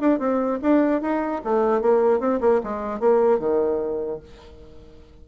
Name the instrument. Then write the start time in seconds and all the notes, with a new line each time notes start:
bassoon
0.00 D4
0.19 C4
0.61 D4
1.01 D#4
1.44 A3
1.81 A#3
2.19 C4
2.41 A#3
2.63 G#3
2.99 A#3
3.39 D#3